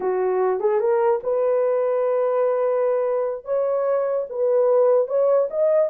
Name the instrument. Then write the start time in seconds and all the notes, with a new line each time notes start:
horn
0.00 F#4
0.60 G#4
0.80 A#4
1.23 B4
3.45 C#5
4.29 B4
5.07 C#5
5.50 D#5